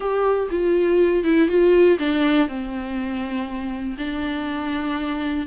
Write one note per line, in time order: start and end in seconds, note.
0.00 0.48 G4
0.50 1.24 F4
1.24 1.48 E4
1.48 1.97 F4
1.98 2.48 D4
2.48 3.96 C4
3.98 5.46 D4